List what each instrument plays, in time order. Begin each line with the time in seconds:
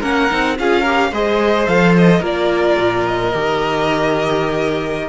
0.00 cello A#3, viola C#4, violin A#4 F#5
0.30 cello C4, viola D#4
0.59 cello C#4, viola F4, violin G#4 F5
0.81 viola G4, violin A#4
1.12 cello G#3, viola G#4, violin C5 D#5
1.67 cello F3, viola A4, violin F5
1.97 violin D#5
2.20 cello A#3, viola F4, violin A#4 D5
2.78 cello A#2
3.07 violin D#5
3.34 cello D#3, viola G4